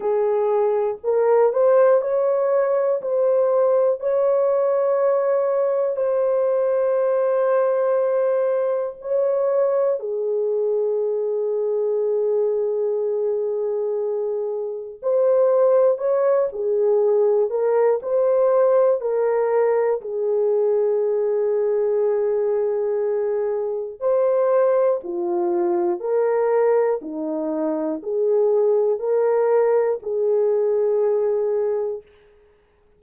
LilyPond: \new Staff \with { instrumentName = "horn" } { \time 4/4 \tempo 4 = 60 gis'4 ais'8 c''8 cis''4 c''4 | cis''2 c''2~ | c''4 cis''4 gis'2~ | gis'2. c''4 |
cis''8 gis'4 ais'8 c''4 ais'4 | gis'1 | c''4 f'4 ais'4 dis'4 | gis'4 ais'4 gis'2 | }